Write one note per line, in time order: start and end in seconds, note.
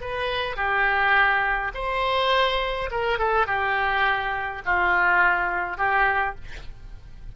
0.00 0.56 B4
0.56 1.71 G4
1.74 2.89 C5
2.91 3.18 A#4
3.18 3.46 A4
3.46 4.62 G4
4.65 5.77 F4
5.77 6.35 G4